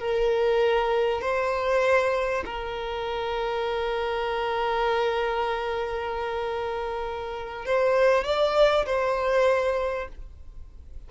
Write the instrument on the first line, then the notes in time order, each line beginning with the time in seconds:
violin
0.00 A#4
1.22 C5
2.46 A#4
7.66 C5
8.25 D5
8.86 C5